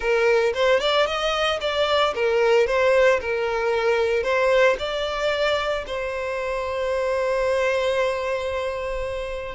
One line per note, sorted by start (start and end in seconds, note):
0.00 0.53 A#4
0.54 0.79 C5
0.79 1.06 D5
1.06 1.59 D#5
1.60 2.14 D5
2.15 2.66 A#4
2.66 3.20 C5
3.20 4.23 A#4
4.23 4.76 C5
4.78 5.85 D5
5.86 9.55 C5